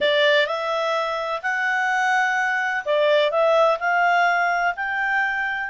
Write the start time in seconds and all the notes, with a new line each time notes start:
0.00 D5
0.46 E5
1.42 F#5
2.85 D5
3.31 E5
3.79 F5
4.76 G5